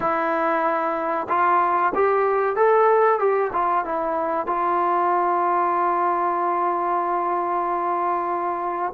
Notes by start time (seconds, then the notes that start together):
0.00 E4
1.29 F4
1.94 G4
2.56 A4
3.19 G4
3.53 F4
3.85 E4
4.46 F4